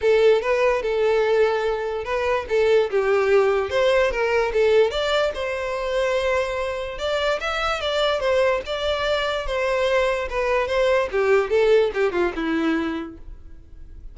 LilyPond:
\new Staff \with { instrumentName = "violin" } { \time 4/4 \tempo 4 = 146 a'4 b'4 a'2~ | a'4 b'4 a'4 g'4~ | g'4 c''4 ais'4 a'4 | d''4 c''2.~ |
c''4 d''4 e''4 d''4 | c''4 d''2 c''4~ | c''4 b'4 c''4 g'4 | a'4 g'8 f'8 e'2 | }